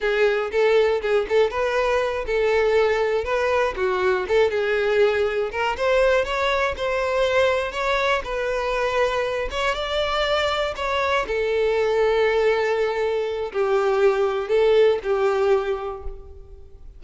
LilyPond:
\new Staff \with { instrumentName = "violin" } { \time 4/4 \tempo 4 = 120 gis'4 a'4 gis'8 a'8 b'4~ | b'8 a'2 b'4 fis'8~ | fis'8 a'8 gis'2 ais'8 c''8~ | c''8 cis''4 c''2 cis''8~ |
cis''8 b'2~ b'8 cis''8 d''8~ | d''4. cis''4 a'4.~ | a'2. g'4~ | g'4 a'4 g'2 | }